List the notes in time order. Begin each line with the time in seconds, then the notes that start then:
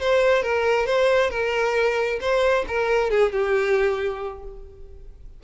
0.00 C5
0.42 A#4
0.86 C5
1.30 A#4
2.20 C5
2.67 A#4
3.10 G#4
3.32 G4